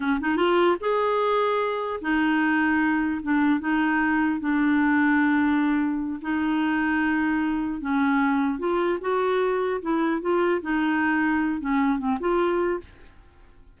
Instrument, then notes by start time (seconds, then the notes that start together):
clarinet
0.00 C#4
0.20 D#4
0.36 F4
0.80 G#4
2.01 D#4
3.22 D4
3.59 D#4
4.39 D4
6.21 D#4
7.81 C#4
8.58 F4
9.00 F#4
9.81 E4
10.21 F4
10.61 D#4
11.60 C#4
11.98 C4
12.20 F4